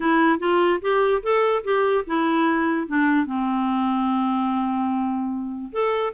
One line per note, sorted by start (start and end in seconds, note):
0.00 0.39 E4
0.39 0.80 F4
0.81 1.22 G4
1.22 1.63 A4
1.63 2.04 G4
2.06 2.87 E4
2.87 3.26 D4
3.26 5.71 C4
5.72 6.13 A4